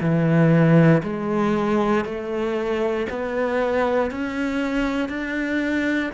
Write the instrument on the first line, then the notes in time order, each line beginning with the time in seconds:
cello
0.00 E3
1.03 G#3
2.05 A3
3.10 B3
4.10 C#4
5.08 D4